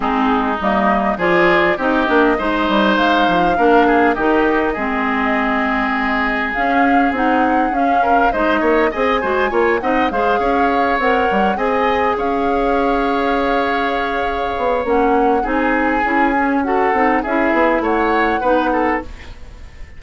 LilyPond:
<<
  \new Staff \with { instrumentName = "flute" } { \time 4/4 \tempo 4 = 101 gis'4 dis''4 d''4 dis''4~ | dis''4 f''2 dis''4~ | dis''2. f''4 | fis''4 f''4 dis''4 gis''4~ |
gis''8 fis''8 f''4. fis''4 gis''8~ | gis''8 f''2.~ f''8~ | f''4 fis''4 gis''2 | fis''4 e''4 fis''2 | }
  \new Staff \with { instrumentName = "oboe" } { \time 4/4 dis'2 gis'4 g'4 | c''2 ais'8 gis'8 g'4 | gis'1~ | gis'4. ais'8 c''8 cis''8 dis''8 c''8 |
cis''8 dis''8 c''8 cis''2 dis''8~ | dis''8 cis''2.~ cis''8~ | cis''2 gis'2 | a'4 gis'4 cis''4 b'8 a'8 | }
  \new Staff \with { instrumentName = "clarinet" } { \time 4/4 c'4 ais4 f'4 dis'8 d'8 | dis'2 d'4 dis'4 | c'2. cis'4 | dis'4 cis'4 dis'4 gis'8 fis'8 |
f'8 dis'8 gis'4. ais'4 gis'8~ | gis'1~ | gis'4 cis'4 dis'4 e'8 cis'8 | fis'8 dis'8 e'2 dis'4 | }
  \new Staff \with { instrumentName = "bassoon" } { \time 4/4 gis4 g4 f4 c'8 ais8 | gis8 g8 gis8 f8 ais4 dis4 | gis2. cis'4 | c'4 cis'4 gis8 ais8 c'8 gis8 |
ais8 c'8 gis8 cis'4 c'8 g8 c'8~ | c'8 cis'2.~ cis'8~ | cis'8 b8 ais4 c'4 cis'4~ | cis'8 c'8 cis'8 b8 a4 b4 | }
>>